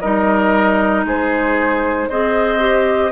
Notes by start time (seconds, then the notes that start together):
0.00 G3 D#4 A#4 D#5
1.05 G#3 G#4 C5
2.09 C4 G#4 C5 D#5
2.59 G4